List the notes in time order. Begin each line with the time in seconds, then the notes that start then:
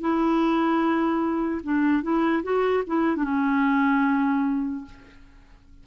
0.00 E4
1.63 D4
2.02 E4
2.43 F#4
2.87 E4
3.16 D4
3.24 C#4